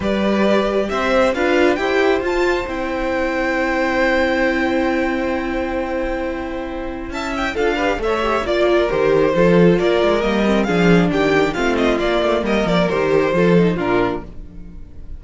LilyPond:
<<
  \new Staff \with { instrumentName = "violin" } { \time 4/4 \tempo 4 = 135 d''2 e''4 f''4 | g''4 a''4 g''2~ | g''1~ | g''1 |
a''8 g''8 f''4 e''4 d''4 | c''2 d''4 dis''4 | f''4 g''4 f''8 dis''8 d''4 | dis''8 d''8 c''2 ais'4 | }
  \new Staff \with { instrumentName = "violin" } { \time 4/4 b'2 c''4 b'4 | c''1~ | c''1~ | c''1 |
e''4 a'8 b'8 cis''4 d''8 ais'8~ | ais'4 a'4 ais'2 | gis'4 g'4 f'2 | ais'2 a'4 f'4 | }
  \new Staff \with { instrumentName = "viola" } { \time 4/4 g'2. f'4 | g'4 f'4 e'2~ | e'1~ | e'1~ |
e'4 f'8 g'8 a'8 g'8 f'4 | g'4 f'2 ais8 c'8 | d'2 c'4 ais4~ | ais4 g'4 f'8 dis'8 d'4 | }
  \new Staff \with { instrumentName = "cello" } { \time 4/4 g2 c'4 d'4 | e'4 f'4 c'2~ | c'1~ | c'1 |
cis'4 d'4 a4 ais4 | dis4 f4 ais8 gis8 g4 | f4 dis4 a4 ais8 a8 | g8 f8 dis4 f4 ais,4 | }
>>